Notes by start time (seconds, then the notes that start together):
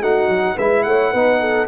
0.00 A3 D#4 F#4 F#5
0.28 F#3
0.55 G#3 E4 B4 E5
0.83 A3 C#5 F#5
1.11 B3 D#4 B4
1.40 A4